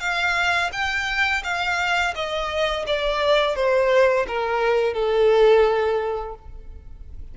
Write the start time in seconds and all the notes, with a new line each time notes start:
0.00 F5
0.73 G5
1.43 F5
2.15 D#5
2.87 D5
3.56 C5
4.27 A#4
4.94 A4